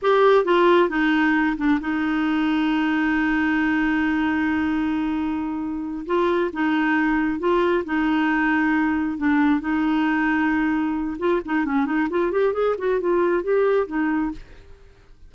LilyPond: \new Staff \with { instrumentName = "clarinet" } { \time 4/4 \tempo 4 = 134 g'4 f'4 dis'4. d'8 | dis'1~ | dis'1~ | dis'4. f'4 dis'4.~ |
dis'8 f'4 dis'2~ dis'8~ | dis'8 d'4 dis'2~ dis'8~ | dis'4 f'8 dis'8 cis'8 dis'8 f'8 g'8 | gis'8 fis'8 f'4 g'4 dis'4 | }